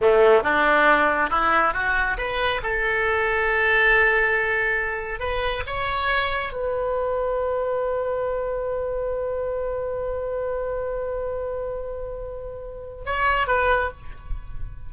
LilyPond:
\new Staff \with { instrumentName = "oboe" } { \time 4/4 \tempo 4 = 138 a4 d'2 e'4 | fis'4 b'4 a'2~ | a'1 | b'4 cis''2 b'4~ |
b'1~ | b'1~ | b'1~ | b'2 cis''4 b'4 | }